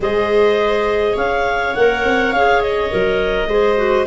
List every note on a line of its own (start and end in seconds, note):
0.00 1.16 G#3
0.00 1.75 G#4
0.00 1.12 C5
0.00 1.17 D#5
1.12 1.74 C#4
1.12 3.45 C#5
1.12 1.75 F5
1.75 2.04 A#3
1.75 2.35 A#4
1.75 2.32 F#5
2.04 2.32 C4
2.32 2.90 C#4
2.32 2.90 G#4
2.32 2.61 F5
2.61 4.06 D#5
2.90 3.46 F#3
2.90 3.48 A#4
3.46 4.04 G#3
3.46 3.76 G#4
3.46 4.06 C5
3.76 4.05 F#4